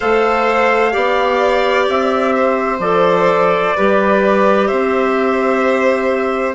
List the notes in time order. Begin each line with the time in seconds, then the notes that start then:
0.00 A3 A4 C5 F5
0.91 B3 G4 D5
1.88 C4 E5
2.36 C5
2.79 F3 A4 D5
3.76 G3 G4 B4
4.67 C4 C5 E5